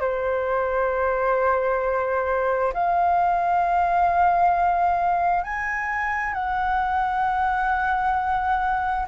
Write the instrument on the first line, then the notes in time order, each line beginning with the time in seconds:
flute
0.00 C5
2.73 F5
5.44 G#5
6.33 F#5